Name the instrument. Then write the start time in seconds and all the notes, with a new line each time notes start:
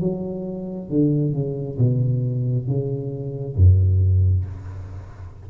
tuba
0.00 F#3
0.89 D3
1.33 C#3
1.78 B2
2.67 C#3
3.55 F#2